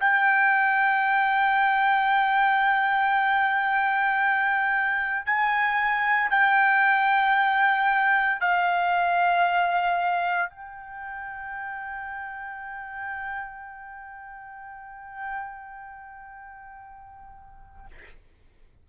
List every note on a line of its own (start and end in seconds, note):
0.00 5.25 G5
5.25 6.30 G#5
6.30 8.40 G5
8.40 10.49 F5
10.49 17.86 G5